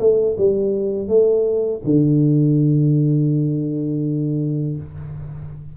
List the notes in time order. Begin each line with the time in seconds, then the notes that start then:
0.00 A3
0.38 G3
1.08 A3
1.85 D3